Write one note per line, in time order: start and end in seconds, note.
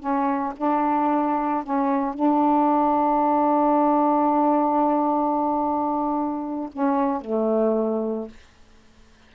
0.00 0.54 C#4
0.57 1.64 D4
1.64 2.15 C#4
2.15 6.70 D4
6.73 7.22 C#4
7.22 8.29 A3